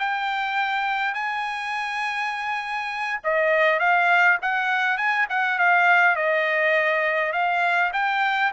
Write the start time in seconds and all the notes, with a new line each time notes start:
0.00 G5
1.14 G#5
3.24 D#5
3.80 F5
4.42 F#5
4.98 G#5
5.30 F#5
5.59 F5
6.16 D#5
7.33 F5
7.93 G5